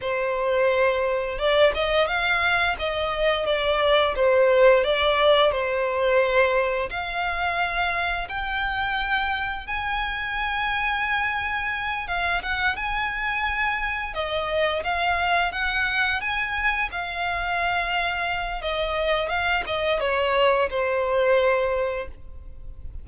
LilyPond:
\new Staff \with { instrumentName = "violin" } { \time 4/4 \tempo 4 = 87 c''2 d''8 dis''8 f''4 | dis''4 d''4 c''4 d''4 | c''2 f''2 | g''2 gis''2~ |
gis''4. f''8 fis''8 gis''4.~ | gis''8 dis''4 f''4 fis''4 gis''8~ | gis''8 f''2~ f''8 dis''4 | f''8 dis''8 cis''4 c''2 | }